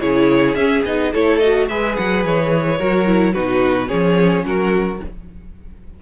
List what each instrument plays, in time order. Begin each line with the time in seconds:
0.00 cello C#3, viola E4, violin G#4 C#5
0.54 cello C#4, viola C#4, violin E5
0.85 cello B3, viola D#4, violin D#5
1.12 cello A3, viola E4, violin A4 C#5
1.38 viola F#4, violin D#5
1.68 cello G#3, viola G#4, violin B4 E5
1.96 cello F#3, violin F#5
2.24 cello E3, violin C#5
2.78 cello F#3, viola F#4, violin A#4
3.06 viola E4
3.33 cello B2, viola D#4, violin F#4 B4
3.87 cello F3, viola C#4, violin G#4 C#5
4.44 cello F#3, violin F#4 A#4